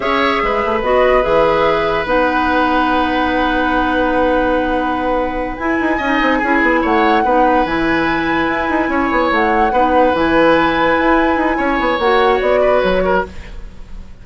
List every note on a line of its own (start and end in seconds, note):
0.00 0.40 C#4
0.00 0.81 G#4
0.00 0.42 C#5
0.00 0.82 E5
0.42 0.63 G#3
0.42 5.97 B4
0.65 0.82 A3
0.82 1.23 B3
0.82 1.21 F#4
0.82 1.22 D#5
1.21 2.05 E3
1.21 2.04 G#4
1.21 2.05 E5
2.05 5.56 B3
2.05 5.57 D#4
2.05 5.56 F#5
5.56 5.99 E4
5.56 5.79 E4
5.56 6.81 G#5
5.80 5.99 D#4
5.97 6.20 C#4
5.97 6.38 D#5
6.03 6.42 D#4
6.21 6.41 C4
6.38 6.62 C#4
6.38 7.25 E4
6.38 6.80 G#4
6.62 6.82 B3
6.81 7.24 A3
6.81 7.22 C#5
6.81 7.65 F#5
7.24 7.65 B3
7.24 7.65 D#4
7.24 8.90 B4
7.65 8.47 E3
7.65 9.72 E4
7.65 9.30 G#5
8.47 8.68 E4
8.69 8.88 D#4
8.88 9.09 C#4
8.88 9.72 C#5
9.11 9.31 B3
9.31 9.71 A3
9.31 10.14 F#5
9.71 10.12 B3
9.71 10.14 D#4
9.71 11.57 B4
10.14 10.96 E3
10.14 12.00 E4
10.14 11.99 G#5
10.98 11.35 E4
11.35 11.56 D#4
11.57 11.79 C#4
11.57 12.60 C#5
11.79 11.98 B3
11.98 12.39 A#3
11.98 13.26 F#4
11.98 12.40 F#5
12.40 12.82 B3
12.40 12.81 D5
12.61 13.02 B4
12.81 13.25 F#3
12.81 13.22 C#5
13.04 13.25 A#4